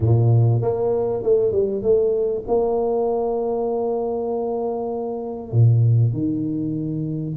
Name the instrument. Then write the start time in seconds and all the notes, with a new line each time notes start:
tuba
0.00 A#2
0.61 A#3
1.22 A3
1.51 G3
1.82 A3
2.47 A#3
5.52 A#2
6.13 D#3